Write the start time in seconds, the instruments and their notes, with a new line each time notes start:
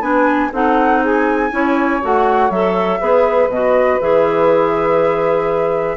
0.00 bassoon B3, clarinet D4, saxophone B4, flute G#5
0.52 bassoon C4, clarinet D#4, saxophone A4, flute F#5
1.02 saxophone G#4, flute G#5
1.51 bassoon C#4, clarinet E4, saxophone C#5
2.01 bassoon A3, clarinet F#4, flute F#5
2.50 bassoon F#3, clarinet A4, flute E5
3.00 bassoon B3, clarinet G#4, saxophone B4
3.48 bassoon B2, clarinet F#4, flute D#5
4.00 bassoon E3, clarinet G#4, flute E5